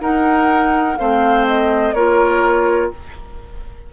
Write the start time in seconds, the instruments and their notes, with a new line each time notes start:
0.00 clarinet D#4, bassoon D#4, oboe A#4, flute F#5
0.97 bassoon A3, clarinet C4, oboe C5, flute F5
1.47 flute D#5
1.94 bassoon A#3, clarinet F4, oboe A#4, flute C#5